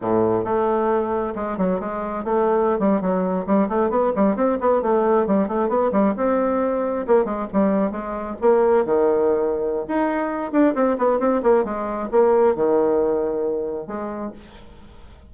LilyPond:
\new Staff \with { instrumentName = "bassoon" } { \time 4/4 \tempo 4 = 134 a,4 a2 gis8 fis8 | gis4 a4~ a16 g8 fis4 g16~ | g16 a8 b8 g8 c'8 b8 a4 g16~ | g16 a8 b8 g8 c'2 ais16~ |
ais16 gis8 g4 gis4 ais4 dis16~ | dis2 dis'4. d'8 | c'8 b8 c'8 ais8 gis4 ais4 | dis2. gis4 | }